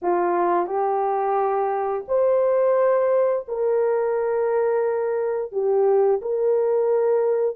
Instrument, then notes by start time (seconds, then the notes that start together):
horn
0.02 F4
0.66 G4
2.08 C5
3.48 A#4
5.52 G4
6.21 A#4